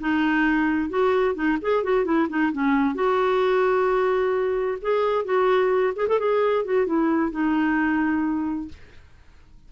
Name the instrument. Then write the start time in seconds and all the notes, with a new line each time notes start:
clarinet
0.00 D#4
0.90 F#4
1.35 D#4
1.62 G#4
1.84 F#4
2.05 E4
2.29 D#4
2.53 C#4
2.95 F#4
4.82 G#4
5.25 F#4
5.96 G#4
6.08 A4
6.19 G#4
6.65 F#4
6.86 E4
7.31 D#4